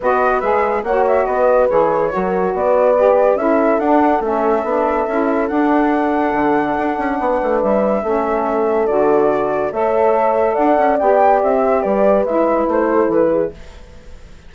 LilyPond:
<<
  \new Staff \with { instrumentName = "flute" } { \time 4/4 \tempo 4 = 142 dis''4 e''4 fis''8 e''8 dis''4 | cis''2 d''2 | e''4 fis''4 e''2~ | e''4 fis''2.~ |
fis''2 e''2~ | e''4 d''2 e''4~ | e''4 fis''4 g''4 e''4 | d''4 e''4 c''4 b'4 | }
  \new Staff \with { instrumentName = "horn" } { \time 4/4 b'2 cis''4 b'4~ | b'4 ais'4 b'2 | a'1~ | a'1~ |
a'4 b'2 a'4~ | a'2. cis''4~ | cis''4 d''2~ d''8 c''8 | b'2~ b'8 a'4 gis'8 | }
  \new Staff \with { instrumentName = "saxophone" } { \time 4/4 fis'4 gis'4 fis'2 | gis'4 fis'2 g'4 | e'4 d'4 cis'4 d'4 | e'4 d'2.~ |
d'2. cis'4~ | cis'4 fis'2 a'4~ | a'2 g'2~ | g'4 e'2. | }
  \new Staff \with { instrumentName = "bassoon" } { \time 4/4 b4 gis4 ais4 b4 | e4 fis4 b2 | cis'4 d'4 a4 b4 | cis'4 d'2 d4 |
d'8 cis'8 b8 a8 g4 a4~ | a4 d2 a4~ | a4 d'8 cis'8 b4 c'4 | g4 gis4 a4 e4 | }
>>